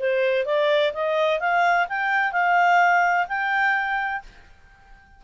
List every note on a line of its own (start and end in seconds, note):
0.00 0.46 C5
0.46 0.93 D5
0.94 1.40 D#5
1.40 1.88 F5
1.89 2.33 G5
2.33 3.27 F5
3.29 4.23 G5